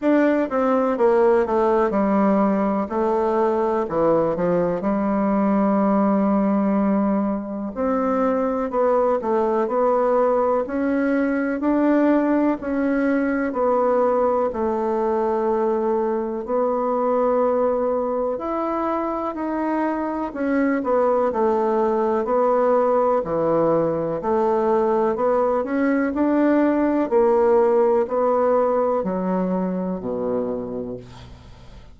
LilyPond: \new Staff \with { instrumentName = "bassoon" } { \time 4/4 \tempo 4 = 62 d'8 c'8 ais8 a8 g4 a4 | e8 f8 g2. | c'4 b8 a8 b4 cis'4 | d'4 cis'4 b4 a4~ |
a4 b2 e'4 | dis'4 cis'8 b8 a4 b4 | e4 a4 b8 cis'8 d'4 | ais4 b4 fis4 b,4 | }